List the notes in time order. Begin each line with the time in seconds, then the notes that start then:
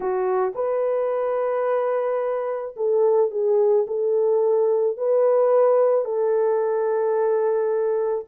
0.00 F#4
0.54 B4
2.76 A4
3.31 G#4
3.87 A4
4.97 B4
6.04 A4